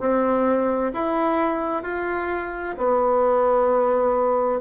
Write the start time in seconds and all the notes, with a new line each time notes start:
0.00 C4
0.93 E4
1.83 F4
2.78 B3